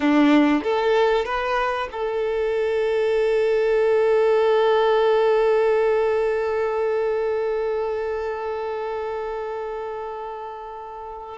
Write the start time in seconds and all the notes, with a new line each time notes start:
0.00 D4
0.63 A4
1.25 B4
1.91 A4